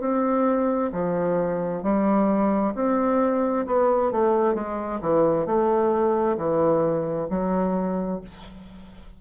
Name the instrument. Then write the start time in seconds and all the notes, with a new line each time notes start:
bassoon
0.00 C4
0.92 F3
1.83 G3
2.75 C4
3.66 B3
4.12 A3
4.55 G#3
5.01 E3
5.46 A3
6.37 E3
7.30 F#3